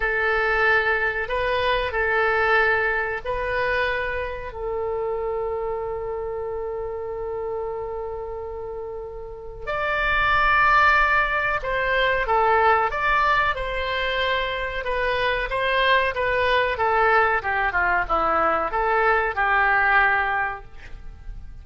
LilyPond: \new Staff \with { instrumentName = "oboe" } { \time 4/4 \tempo 4 = 93 a'2 b'4 a'4~ | a'4 b'2 a'4~ | a'1~ | a'2. d''4~ |
d''2 c''4 a'4 | d''4 c''2 b'4 | c''4 b'4 a'4 g'8 f'8 | e'4 a'4 g'2 | }